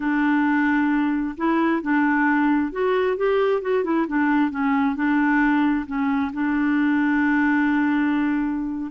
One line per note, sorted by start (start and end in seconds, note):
0.00 1.35 D4
1.37 1.82 E4
1.82 2.72 D4
2.72 3.16 F#4
3.16 3.61 G4
3.61 3.84 F#4
3.84 4.06 E4
4.07 4.50 D4
4.50 4.95 C#4
4.95 5.85 D4
5.86 6.31 C#4
6.33 8.91 D4